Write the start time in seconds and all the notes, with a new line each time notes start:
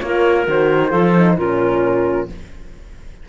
0.00 A#3 F4 A#4 C#5
0.46 D#3 F#4 C5
0.90 F3 F4 A4
1.17 D#4
1.37 A#2 C#4 F4 A#4